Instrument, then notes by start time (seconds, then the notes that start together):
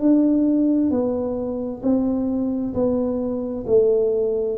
tuba
0.00 D4
0.91 B3
1.83 C4
2.74 B3
3.67 A3